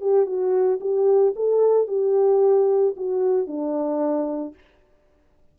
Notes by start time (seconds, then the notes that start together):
0.00 G4
0.25 F#4
0.80 G4
1.35 A4
1.87 G4
2.96 F#4
3.47 D4